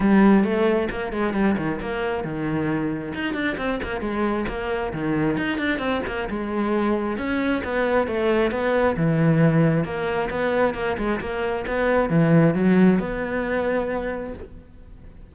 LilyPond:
\new Staff \with { instrumentName = "cello" } { \time 4/4 \tempo 4 = 134 g4 a4 ais8 gis8 g8 dis8 | ais4 dis2 dis'8 d'8 | c'8 ais8 gis4 ais4 dis4 | dis'8 d'8 c'8 ais8 gis2 |
cis'4 b4 a4 b4 | e2 ais4 b4 | ais8 gis8 ais4 b4 e4 | fis4 b2. | }